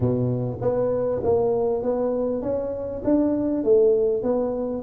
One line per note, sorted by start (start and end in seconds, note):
0.00 0.58 B2
0.61 1.21 B3
1.23 1.82 A#3
1.82 2.42 B3
2.42 3.02 C#4
3.04 3.64 D4
3.64 4.22 A3
4.22 4.82 B3